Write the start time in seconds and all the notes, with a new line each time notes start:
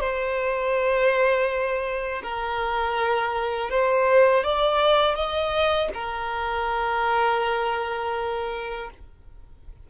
0.00 C5
2.23 A#4
3.70 C5
4.44 D5
5.15 D#5
5.94 A#4